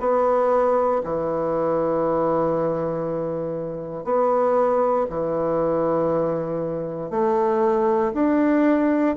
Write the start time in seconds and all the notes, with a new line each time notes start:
0.00 B3
1.04 E3
4.04 B3
5.09 E3
7.10 A3
8.14 D4